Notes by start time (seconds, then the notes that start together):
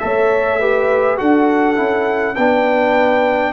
0.00 A3 A4 C#5 E5
0.60 G4 B4
1.17 D4 F#4 A4 F#5
1.76 C#4 E4
2.36 B3 D4 B4 G5